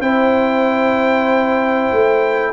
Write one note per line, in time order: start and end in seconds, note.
0.00 1.89 C4
0.00 2.53 E4
0.00 2.53 C5
0.00 2.53 G5
1.92 2.53 A3